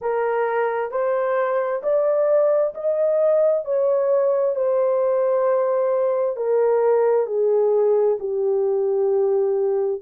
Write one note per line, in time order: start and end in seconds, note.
0.01 0.91 A#4
0.91 1.82 C5
1.83 2.74 D5
2.74 3.64 D#5
3.64 4.55 C#5
4.55 6.36 C5
6.36 7.26 A#4
7.26 8.17 G#4
8.19 10.01 G4